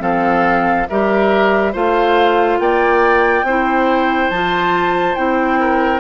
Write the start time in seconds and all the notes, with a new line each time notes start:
0.00 F3 C4 A4 F5
0.89 G3 G4 A#4 E5
1.72 A3 F4 C5 F5
2.59 A#3 D5 G5
3.43 C4 E4 C5
4.30 F3 F4 A5
5.15 C4 E4 G5
5.60 A#4